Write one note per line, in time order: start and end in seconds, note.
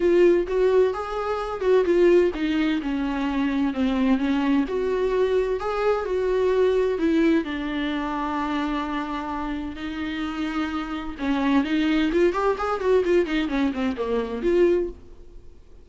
0.00 0.47 F4
0.47 0.93 F#4
0.93 1.60 G#4
1.60 1.84 F#4
1.85 2.31 F4
2.34 2.81 D#4
2.81 3.73 C#4
3.73 4.18 C4
4.18 4.64 C#4
4.68 5.60 F#4
5.60 6.05 G#4
6.05 6.98 F#4
6.98 7.44 E4
7.44 9.76 D4
9.76 11.15 D#4
11.18 11.63 C#4
11.63 12.10 D#4
12.12 12.33 F4
12.33 12.56 G4
12.58 12.80 G#4
12.80 13.03 F#4
13.04 13.26 F4
13.26 13.48 D#4
13.48 13.71 C#4
13.73 13.96 C4
13.97 14.42 A#3
14.42 14.89 F4